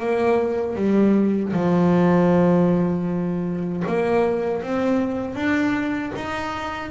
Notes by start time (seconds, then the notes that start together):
0.00 A#3
0.76 G3
1.53 F3
3.87 A#3
4.63 C4
5.35 D4
6.16 D#4